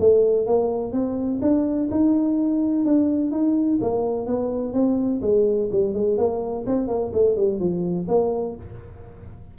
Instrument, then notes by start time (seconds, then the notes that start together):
tuba
0.00 A3
0.47 A#3
0.93 C4
1.42 D4
1.91 D#4
2.86 D4
3.32 D#4
3.82 A#3
4.27 B3
4.74 C4
5.22 G#3
5.72 G3
5.94 G#3
6.18 A#3
6.67 C4
6.88 A#3
7.14 A3
7.36 G3
7.60 F3
8.09 A#3